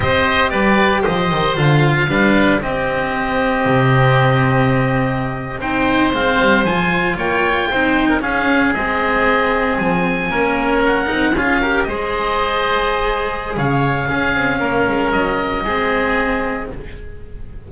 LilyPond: <<
  \new Staff \with { instrumentName = "oboe" } { \time 4/4 \tempo 4 = 115 dis''4 d''4 dis''4 f''4~ | f''4 dis''2.~ | dis''2~ dis''8. g''4 f''16~ | f''8. gis''4 g''2 f''16~ |
f''8. dis''2 gis''4~ gis''16~ | gis''8. fis''4 f''4 dis''4~ dis''16~ | dis''2 f''2~ | f''4 dis''2. | }
  \new Staff \with { instrumentName = "oboe" } { \time 4/4 c''4 b'4 c''2 | b'4 g'2.~ | g'2~ g'8. c''4~ c''16~ | c''4.~ c''16 cis''4 c''8. ais'16 gis'16~ |
gis'2.~ gis'8. ais'16~ | ais'4.~ ais'16 gis'8 ais'8 c''4~ c''16~ | c''2 cis''4 gis'4 | ais'2 gis'2 | }
  \new Staff \with { instrumentName = "cello" } { \time 4/4 g'2. f'4 | d'4 c'2.~ | c'2~ c'8. dis'4 c'16~ | c'8. f'2 dis'4 cis'16~ |
cis'8. c'2. cis'16~ | cis'4~ cis'16 dis'8 f'8 g'8 gis'4~ gis'16~ | gis'2. cis'4~ | cis'2 c'2 | }
  \new Staff \with { instrumentName = "double bass" } { \time 4/4 c'4 g4 f8 dis8 d4 | g4 c'2 c4~ | c2~ c8. c'4 gis16~ | gis16 g8 f4 ais4 c'4 cis'16~ |
cis'8. gis2 f4 ais16~ | ais4~ ais16 c'8 cis'4 gis4~ gis16~ | gis2 cis4 cis'8 c'8 | ais8 gis8 fis4 gis2 | }
>>